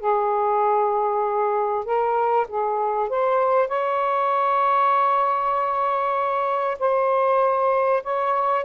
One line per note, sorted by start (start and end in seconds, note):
0.00 1.85 G#4
1.85 2.47 A#4
2.49 3.09 G#4
3.09 3.68 C5
3.68 6.78 C#5
6.79 8.03 C5
8.03 8.65 C#5